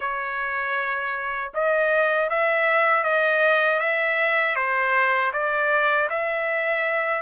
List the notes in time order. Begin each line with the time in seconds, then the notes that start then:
0.00 C#5
1.54 D#5
2.29 E5
3.03 D#5
3.79 E5
4.55 C5
5.32 D5
6.09 E5